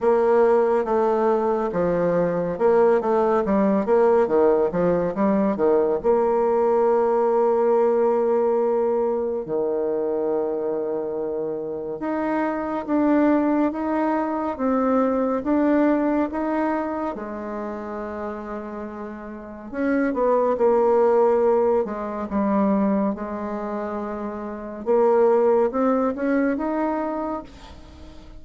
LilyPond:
\new Staff \with { instrumentName = "bassoon" } { \time 4/4 \tempo 4 = 70 ais4 a4 f4 ais8 a8 | g8 ais8 dis8 f8 g8 dis8 ais4~ | ais2. dis4~ | dis2 dis'4 d'4 |
dis'4 c'4 d'4 dis'4 | gis2. cis'8 b8 | ais4. gis8 g4 gis4~ | gis4 ais4 c'8 cis'8 dis'4 | }